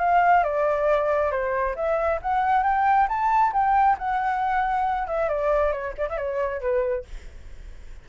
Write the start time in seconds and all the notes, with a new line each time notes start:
0.00 F5
0.44 D5
1.32 C5
1.76 E5
2.22 F#5
2.64 G5
3.09 A5
3.53 G5
3.99 F#5
5.08 E5
5.29 D5
5.72 C#5
5.98 D5
6.09 E5
6.18 C#5
6.61 B4